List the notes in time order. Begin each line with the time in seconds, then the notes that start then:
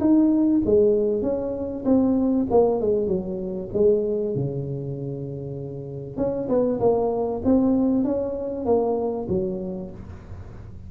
0.00 D#4
0.66 G#3
1.22 C#4
1.85 C4
2.51 A#3
2.81 G#3
3.08 F#3
3.73 G#3
4.35 C#3
6.17 C#4
6.49 B3
6.80 A#3
7.45 C4
8.04 C#4
8.65 A#3
9.29 F#3